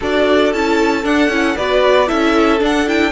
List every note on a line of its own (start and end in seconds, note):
0.00 0.53 D4
0.00 0.53 F#4
0.00 1.56 A4
0.00 0.53 D5
0.53 1.05 C#4
0.53 1.03 E4
0.53 1.05 A5
1.03 1.29 D4
1.03 1.28 D4
1.03 1.56 F#5
1.28 1.54 C#4
1.28 1.56 E4
1.56 2.10 B3
1.56 2.06 F#4
1.56 2.07 B4
1.56 2.08 D5
2.06 2.61 C#4
2.06 2.58 E4
2.06 3.11 A4
2.06 2.60 E5
2.58 2.84 D4
2.58 3.11 D4
2.65 2.88 F#5
2.86 3.11 E4
2.86 3.11 G5